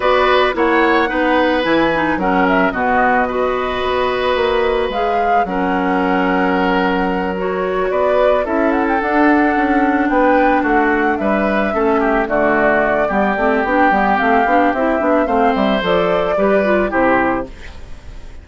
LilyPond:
<<
  \new Staff \with { instrumentName = "flute" } { \time 4/4 \tempo 4 = 110 d''4 fis''2 gis''4 | fis''8 e''8 dis''2.~ | dis''4 f''4 fis''2~ | fis''4. cis''4 d''4 e''8 |
fis''16 g''16 fis''2 g''4 fis''8~ | fis''8 e''2 d''4.~ | d''4 g''4 f''4 e''4 | f''8 e''8 d''2 c''4 | }
  \new Staff \with { instrumentName = "oboe" } { \time 4/4 b'4 cis''4 b'2 | ais'4 fis'4 b'2~ | b'2 ais'2~ | ais'2~ ais'8 b'4 a'8~ |
a'2~ a'8 b'4 fis'8~ | fis'8 b'4 a'8 g'8 fis'4. | g'1 | c''2 b'4 g'4 | }
  \new Staff \with { instrumentName = "clarinet" } { \time 4/4 fis'4 e'4 dis'4 e'8 dis'8 | cis'4 b4 fis'2~ | fis'4 gis'4 cis'2~ | cis'4. fis'2 e'8~ |
e'8 d'2.~ d'8~ | d'4. cis'4 a4. | b8 c'8 d'8 b8 c'8 d'8 e'8 d'8 | c'4 a'4 g'8 f'8 e'4 | }
  \new Staff \with { instrumentName = "bassoon" } { \time 4/4 b4 ais4 b4 e4 | fis4 b,2 b4 | ais4 gis4 fis2~ | fis2~ fis8 b4 cis'8~ |
cis'8 d'4 cis'4 b4 a8~ | a8 g4 a4 d4. | g8 a8 b8 g8 a8 b8 c'8 b8 | a8 g8 f4 g4 c4 | }
>>